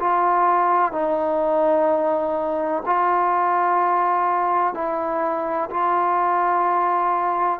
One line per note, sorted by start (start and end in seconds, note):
0.00 0.93 F4
0.93 2.83 D#4
2.86 4.74 F4
4.74 5.70 E4
5.71 7.60 F4